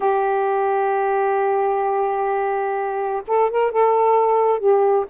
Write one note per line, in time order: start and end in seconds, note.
0.00 3.22 G4
3.27 3.50 A4
3.50 3.71 A#4
3.71 4.59 A4
4.59 5.05 G4